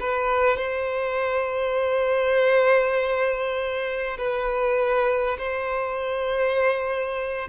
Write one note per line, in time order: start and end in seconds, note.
0.00 0.57 B4
0.57 4.17 C5
4.18 5.38 B4
5.38 7.48 C5